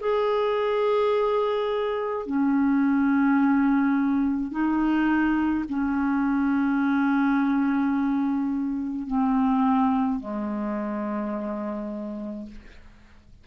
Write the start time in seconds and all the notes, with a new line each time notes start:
0.00 G#4
2.26 C#4
4.51 D#4
5.69 C#4
9.07 C4
10.19 G#3